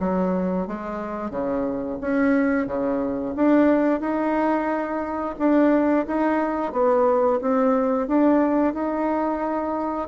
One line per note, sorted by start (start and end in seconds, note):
0.00 0.67 F#3
0.68 1.31 G#3
1.31 1.98 C#3
2.01 2.67 C#4
2.67 3.34 C#3
3.36 4.01 D4
4.01 5.36 D#4
5.39 6.06 D4
6.07 6.73 D#4
6.73 7.40 B3
7.41 8.08 C4
8.08 8.74 D4
8.74 10.08 D#4